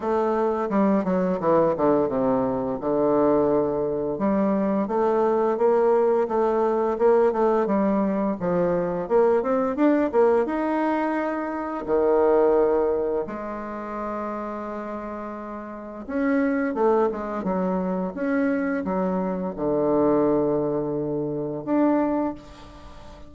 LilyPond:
\new Staff \with { instrumentName = "bassoon" } { \time 4/4 \tempo 4 = 86 a4 g8 fis8 e8 d8 c4 | d2 g4 a4 | ais4 a4 ais8 a8 g4 | f4 ais8 c'8 d'8 ais8 dis'4~ |
dis'4 dis2 gis4~ | gis2. cis'4 | a8 gis8 fis4 cis'4 fis4 | d2. d'4 | }